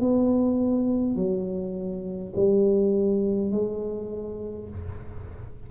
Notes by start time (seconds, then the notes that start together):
0.00 B3
1.16 F#3
2.36 G3
3.51 G#3